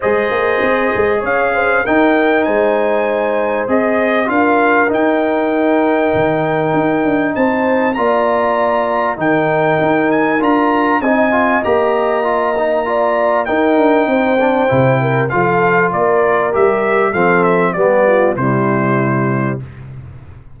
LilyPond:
<<
  \new Staff \with { instrumentName = "trumpet" } { \time 4/4 \tempo 4 = 98 dis''2 f''4 g''4 | gis''2 dis''4 f''4 | g''1 | a''4 ais''2 g''4~ |
g''8 gis''8 ais''4 gis''4 ais''4~ | ais''2 g''2~ | g''4 f''4 d''4 e''4 | f''8 e''8 d''4 c''2 | }
  \new Staff \with { instrumentName = "horn" } { \time 4/4 c''2 cis''8 c''8 ais'4 | c''2. ais'4~ | ais'1 | c''4 d''2 ais'4~ |
ais'2 dis''2~ | dis''4 d''4 ais'4 c''4~ | c''8 ais'8 a'4 ais'2 | a'4 g'8 f'8 e'2 | }
  \new Staff \with { instrumentName = "trombone" } { \time 4/4 gis'2. dis'4~ | dis'2 gis'4 f'4 | dis'1~ | dis'4 f'2 dis'4~ |
dis'4 f'4 dis'8 f'8 g'4 | f'8 dis'8 f'4 dis'4. d'8 | e'4 f'2 g'4 | c'4 b4 g2 | }
  \new Staff \with { instrumentName = "tuba" } { \time 4/4 gis8 ais8 c'8 gis8 cis'4 dis'4 | gis2 c'4 d'4 | dis'2 dis4 dis'8 d'8 | c'4 ais2 dis4 |
dis'4 d'4 c'4 ais4~ | ais2 dis'8 d'8 c'4 | c4 f4 ais4 g4 | f4 g4 c2 | }
>>